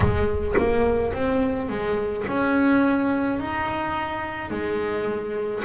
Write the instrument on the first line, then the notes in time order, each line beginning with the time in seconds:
double bass
0.00 G#3
0.57 A#3
1.13 C4
1.69 G#3
2.27 C#4
3.40 D#4
4.50 G#3